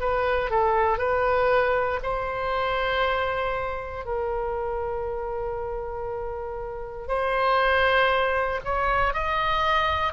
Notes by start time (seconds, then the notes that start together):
0.00 B4
0.50 A4
0.98 B4
2.02 C5
4.05 A#4
7.08 C5
8.64 C#5
9.13 D#5